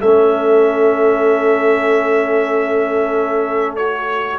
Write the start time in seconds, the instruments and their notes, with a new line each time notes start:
0.00 tuba A3, trombone C#4, horn A4, trumpet E5
3.76 trombone F#4, trumpet C#5